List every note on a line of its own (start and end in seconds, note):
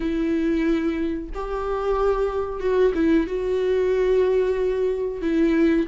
0.00 1.29 E4
1.34 2.59 G4
2.59 2.92 F#4
2.94 3.26 E4
3.26 5.21 F#4
5.21 5.87 E4